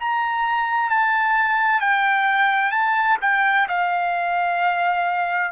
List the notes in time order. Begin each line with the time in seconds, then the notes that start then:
0.00 A#5
0.90 A5
1.81 G5
2.71 A5
3.22 G5
3.68 F5